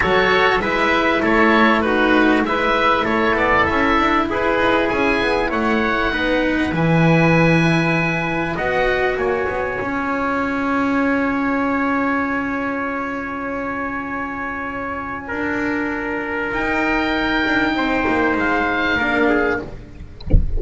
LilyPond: <<
  \new Staff \with { instrumentName = "oboe" } { \time 4/4 \tempo 4 = 98 cis''4 e''4 cis''4 b'4 | e''4 cis''8 d''8 e''4 b'4 | gis''4 fis''2 gis''4~ | gis''2 fis''4 gis''4~ |
gis''1~ | gis''1~ | gis''2. g''4~ | g''2 f''2 | }
  \new Staff \with { instrumentName = "trumpet" } { \time 4/4 a'4 b'4 a'4 fis'4 | b'4 a'2 gis'4~ | gis'4 cis''4 b'2~ | b'2 dis''4 cis''4~ |
cis''1~ | cis''1~ | cis''4 ais'2.~ | ais'4 c''2 ais'8 gis'8 | }
  \new Staff \with { instrumentName = "cello" } { \time 4/4 fis'4 e'2 dis'4 | e'1~ | e'2 dis'4 e'4~ | e'2 fis'2 |
f'1~ | f'1~ | f'2. dis'4~ | dis'2. d'4 | }
  \new Staff \with { instrumentName = "double bass" } { \time 4/4 fis4 gis4 a2 | gis4 a8 b8 cis'8 d'8 e'8 dis'8 | cis'8 b8 a4 b4 e4~ | e2 b4 ais8 b8 |
cis'1~ | cis'1~ | cis'4 d'2 dis'4~ | dis'8 d'8 c'8 ais8 gis4 ais4 | }
>>